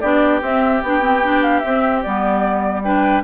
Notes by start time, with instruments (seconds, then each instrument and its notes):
0.00 bassoon B3, clarinet D4, oboe G4, flute D5
0.41 bassoon C4, clarinet C4, flute E5
0.82 bassoon B3, clarinet D4, flute G5
1.00 clarinet C4
1.23 clarinet D4
1.43 flute F5
1.60 bassoon C4, flute E5
1.67 clarinet C4
2.02 bassoon G3, clarinet B3, flute D5
2.83 clarinet D4, oboe B4, flute G5